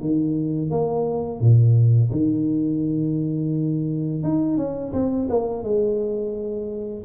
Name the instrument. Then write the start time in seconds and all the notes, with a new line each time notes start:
tuba
0.00 D#3
0.70 A#3
1.40 A#2
2.11 D#3
4.23 D#4
4.57 C#4
4.93 C4
5.29 A#3
5.63 G#3